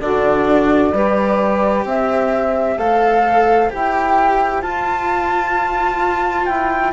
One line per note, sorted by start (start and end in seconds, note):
0.00 0.93 D3
0.00 0.94 D4
0.00 0.94 F#4
0.00 1.85 D5
0.93 1.85 G3
0.93 2.79 G4
0.93 1.87 B4
1.85 2.77 C4
1.85 6.93 C5
1.85 2.78 E5
2.78 3.70 A3
2.78 3.70 A4
2.78 3.71 F5
3.70 4.64 E4
3.70 4.62 G4
3.70 4.62 G5
4.62 6.93 F4
4.62 6.48 F4
4.62 6.46 A5
6.46 6.93 E4
6.46 6.92 G5